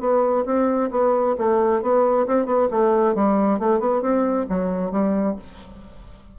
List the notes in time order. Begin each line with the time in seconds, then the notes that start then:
0.00 B3
0.46 C4
0.91 B3
1.38 A3
1.82 B3
2.27 C4
2.46 B3
2.71 A3
3.15 G3
3.59 A3
3.80 B3
4.02 C4
4.49 F#3
4.91 G3